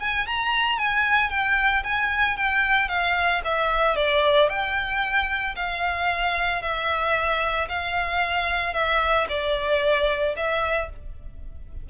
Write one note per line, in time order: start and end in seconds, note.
0.00 0.27 G#5
0.27 0.78 A#5
0.78 1.30 G#5
1.30 1.83 G5
1.83 2.37 G#5
2.37 2.88 G5
2.88 3.41 F5
3.44 3.96 E5
3.96 4.49 D5
4.49 5.55 G5
5.56 6.62 F5
6.62 7.68 E5
7.69 8.73 F5
8.73 9.27 E5
9.29 10.35 D5
10.36 10.89 E5